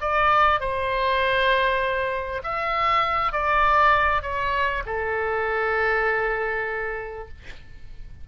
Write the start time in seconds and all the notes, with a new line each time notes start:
0.00 D5
0.60 C5
2.43 E5
3.32 D5
4.22 C#5
4.85 A4